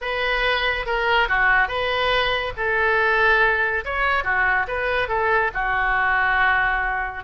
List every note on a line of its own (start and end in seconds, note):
0.01 0.85 B4
0.85 1.28 A#4
1.28 1.68 F#4
1.68 2.53 B4
2.56 3.84 A4
3.85 4.24 C#5
4.24 4.66 F#4
4.67 5.08 B4
5.08 5.51 A4
5.54 7.24 F#4